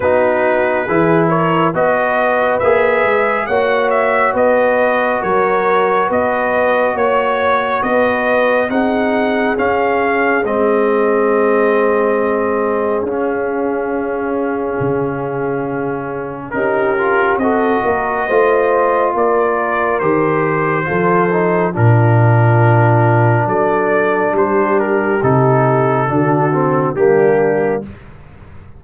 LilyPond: <<
  \new Staff \with { instrumentName = "trumpet" } { \time 4/4 \tempo 4 = 69 b'4. cis''8 dis''4 e''4 | fis''8 e''8 dis''4 cis''4 dis''4 | cis''4 dis''4 fis''4 f''4 | dis''2. f''4~ |
f''2. ais'4 | dis''2 d''4 c''4~ | c''4 ais'2 d''4 | c''8 ais'8 a'2 g'4 | }
  \new Staff \with { instrumentName = "horn" } { \time 4/4 fis'4 gis'8 ais'8 b'2 | cis''4 b'4 ais'4 b'4 | cis''4 b'4 gis'2~ | gis'1~ |
gis'2. g'4 | a'8 ais'8 c''4 ais'2 | a'4 f'2 a'4 | g'2 fis'4 d'4 | }
  \new Staff \with { instrumentName = "trombone" } { \time 4/4 dis'4 e'4 fis'4 gis'4 | fis'1~ | fis'2 dis'4 cis'4 | c'2. cis'4~ |
cis'2. dis'8 f'8 | fis'4 f'2 g'4 | f'8 dis'8 d'2.~ | d'4 dis'4 d'8 c'8 ais4 | }
  \new Staff \with { instrumentName = "tuba" } { \time 4/4 b4 e4 b4 ais8 gis8 | ais4 b4 fis4 b4 | ais4 b4 c'4 cis'4 | gis2. cis'4~ |
cis'4 cis2 cis'4 | c'8 ais8 a4 ais4 dis4 | f4 ais,2 fis4 | g4 c4 d4 g4 | }
>>